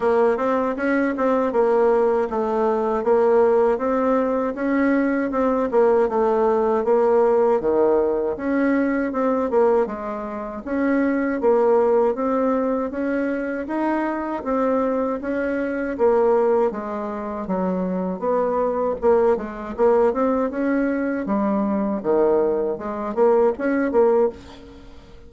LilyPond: \new Staff \with { instrumentName = "bassoon" } { \time 4/4 \tempo 4 = 79 ais8 c'8 cis'8 c'8 ais4 a4 | ais4 c'4 cis'4 c'8 ais8 | a4 ais4 dis4 cis'4 | c'8 ais8 gis4 cis'4 ais4 |
c'4 cis'4 dis'4 c'4 | cis'4 ais4 gis4 fis4 | b4 ais8 gis8 ais8 c'8 cis'4 | g4 dis4 gis8 ais8 cis'8 ais8 | }